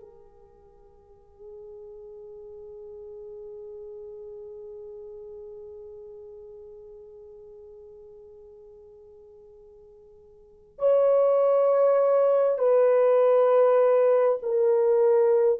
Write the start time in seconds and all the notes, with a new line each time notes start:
0.00 G#4
10.78 C#5
12.58 B4
14.42 A#4